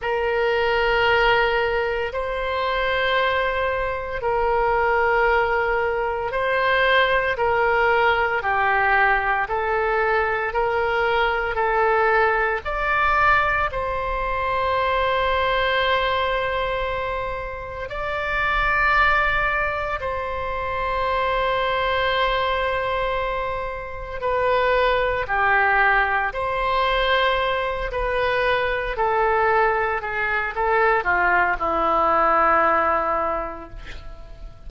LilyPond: \new Staff \with { instrumentName = "oboe" } { \time 4/4 \tempo 4 = 57 ais'2 c''2 | ais'2 c''4 ais'4 | g'4 a'4 ais'4 a'4 | d''4 c''2.~ |
c''4 d''2 c''4~ | c''2. b'4 | g'4 c''4. b'4 a'8~ | a'8 gis'8 a'8 f'8 e'2 | }